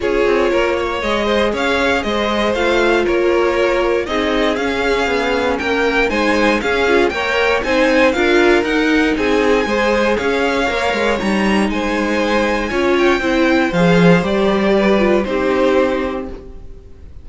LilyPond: <<
  \new Staff \with { instrumentName = "violin" } { \time 4/4 \tempo 4 = 118 cis''2 dis''4 f''4 | dis''4 f''4 cis''2 | dis''4 f''2 g''4 | gis''4 f''4 g''4 gis''4 |
f''4 fis''4 gis''2 | f''2 ais''4 gis''4~ | gis''4. g''4. f''4 | d''2 c''2 | }
  \new Staff \with { instrumentName = "violin" } { \time 4/4 gis'4 ais'8 cis''4 c''8 cis''4 | c''2 ais'2 | gis'2. ais'4 | c''4 gis'4 cis''4 c''4 |
ais'2 gis'4 c''4 | cis''2. c''4~ | c''4 cis''4 c''2~ | c''4 b'4 g'2 | }
  \new Staff \with { instrumentName = "viola" } { \time 4/4 f'2 gis'2~ | gis'4 f'2. | dis'4 cis'2. | dis'4 cis'8 f'8 ais'4 dis'4 |
f'4 dis'2 gis'4~ | gis'4 ais'4 dis'2~ | dis'4 f'4 e'4 gis'4 | g'4. f'8 dis'2 | }
  \new Staff \with { instrumentName = "cello" } { \time 4/4 cis'8 c'8 ais4 gis4 cis'4 | gis4 a4 ais2 | c'4 cis'4 b4 ais4 | gis4 cis'4 ais4 c'4 |
d'4 dis'4 c'4 gis4 | cis'4 ais8 gis8 g4 gis4~ | gis4 cis'4 c'4 f4 | g2 c'2 | }
>>